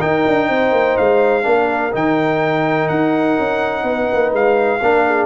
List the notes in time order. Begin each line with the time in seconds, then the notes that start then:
0.00 D#4 A#4 G5
0.28 D4
0.49 C4 C5
0.72 A#3
0.97 G#3 F5
1.43 A#3 D4 A#4
1.92 D#3 D#4 G5
2.89 D#4 F#5
3.39 C#4
3.83 B3 B4
4.14 A#3
4.33 G#3 F5
4.80 A#3 D4 A#4
5.07 G#4